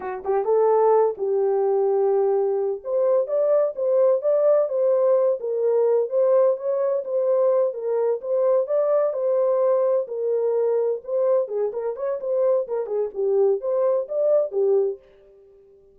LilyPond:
\new Staff \with { instrumentName = "horn" } { \time 4/4 \tempo 4 = 128 fis'8 g'8 a'4. g'4.~ | g'2 c''4 d''4 | c''4 d''4 c''4. ais'8~ | ais'4 c''4 cis''4 c''4~ |
c''8 ais'4 c''4 d''4 c''8~ | c''4. ais'2 c''8~ | c''8 gis'8 ais'8 cis''8 c''4 ais'8 gis'8 | g'4 c''4 d''4 g'4 | }